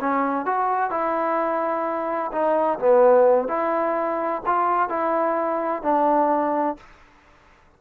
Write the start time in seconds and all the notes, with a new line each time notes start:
0.00 C#4
0.46 F#4
0.91 E4
2.32 D#4
2.79 B3
3.48 E4
4.46 F4
4.89 E4
5.83 D4